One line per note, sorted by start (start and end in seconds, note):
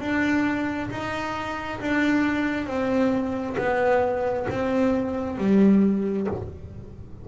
0.00 0.90 D4
0.90 1.80 D#4
1.80 2.66 D4
2.66 3.56 C4
3.57 4.47 B3
4.50 5.38 C4
5.38 6.27 G3